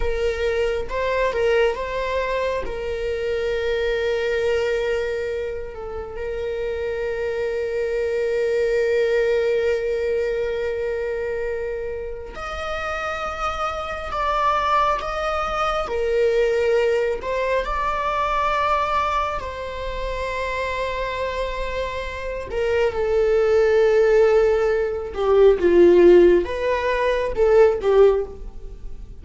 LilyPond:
\new Staff \with { instrumentName = "viola" } { \time 4/4 \tempo 4 = 68 ais'4 c''8 ais'8 c''4 ais'4~ | ais'2~ ais'8 a'8 ais'4~ | ais'1~ | ais'2 dis''2 |
d''4 dis''4 ais'4. c''8 | d''2 c''2~ | c''4. ais'8 a'2~ | a'8 g'8 f'4 b'4 a'8 g'8 | }